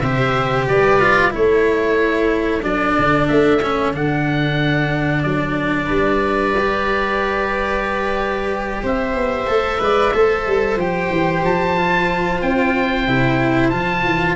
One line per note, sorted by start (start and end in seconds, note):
0.00 0.67 C3
0.00 1.01 G4
0.00 0.68 C5
0.00 0.65 E5
0.68 1.33 G3
0.68 1.33 B4
0.68 1.33 D5
1.01 1.31 F4
1.31 2.63 A3
1.31 2.61 E4
1.31 5.86 A4
1.31 2.64 C#5
2.62 2.96 F#3
2.62 3.60 D4
2.62 3.28 D5
2.99 3.29 D3
3.28 3.94 A3
3.28 3.93 E5
3.62 3.94 C#4
3.94 5.24 D3
3.94 6.55 D4
3.94 5.23 F#5
5.23 5.89 F#3
5.23 8.82 D5
5.86 8.83 G3
5.86 8.79 B4
6.58 9.47 G4
8.83 9.15 C4
8.83 9.81 C5
8.83 10.80 E5
9.15 9.47 B3
9.47 9.80 A3
9.47 9.79 A4
9.79 10.13 G#3
9.79 10.12 B4
9.79 10.15 D5
10.14 10.47 A3
10.14 10.79 A4
10.14 14.36 C5
10.47 10.76 G3
10.76 11.09 F3
10.76 11.77 G4
10.76 11.45 G5
11.10 11.43 E3
11.44 12.42 F3
11.44 12.42 A5
11.77 13.07 F4
12.42 13.08 C4
12.42 13.70 G5
13.07 13.73 C3
13.07 13.72 E4
13.70 14.04 F3
13.70 14.36 F4
13.70 14.35 A5
14.04 14.36 E3